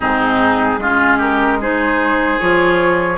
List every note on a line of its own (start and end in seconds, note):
0.00 0.78 G#2
0.00 0.81 C4
0.00 0.80 D#4
0.00 1.20 G#4
0.78 2.38 G#3
0.78 1.61 C#4
0.78 1.17 F4
1.17 1.57 G4
1.17 1.60 A#4
1.60 2.39 D#4
1.60 3.18 G#4
1.60 2.39 C5
2.39 3.18 F3
2.39 3.18 F4
2.39 3.18 C#5